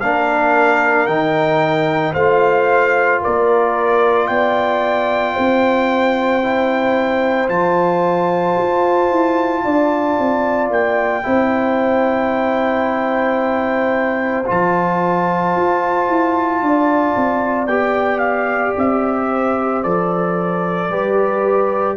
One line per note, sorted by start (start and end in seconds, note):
0.00 1.06 A#3
0.00 1.08 D4
0.00 2.12 A#4
0.00 1.06 F5
1.06 2.14 D#3
1.06 2.15 D#4
1.06 2.13 G5
2.12 3.21 A3
2.12 6.42 F4
2.12 3.20 C5
2.12 3.21 F5
3.21 4.29 A#3
3.21 4.29 A#4
3.21 4.27 D5
4.27 5.36 B3
4.27 5.34 D5
4.27 7.48 G5
5.34 7.49 C4
5.34 9.63 C5
6.42 7.48 E4
7.48 8.56 F3
7.48 11.23 F4
7.48 10.70 A5
8.57 9.10 F4
9.10 9.64 E4
9.64 10.18 D4
9.64 11.25 D5
10.19 10.70 C4
10.70 11.24 A#3
10.70 14.46 G5
11.23 14.48 C4
11.23 14.44 E4
11.23 16.62 C5
14.46 15.56 F3
14.46 17.67 F4
14.46 17.67 A5
15.56 16.08 F4
16.08 16.61 E4
16.61 17.15 D4
16.61 19.29 D5
17.16 17.67 C4
17.67 18.74 B3
17.67 19.83 G4
17.67 18.18 G5
18.18 18.72 F5
18.77 19.84 C4
18.77 19.83 E5
19.29 20.89 C5
19.83 20.89 F3
19.83 20.90 A4
19.83 21.97 D5
20.89 21.96 G3
20.89 21.97 G4
20.89 21.96 B4